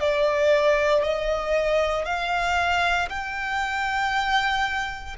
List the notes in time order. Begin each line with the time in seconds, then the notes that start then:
0.00 D5
1.03 D#5
2.05 F5
3.09 G5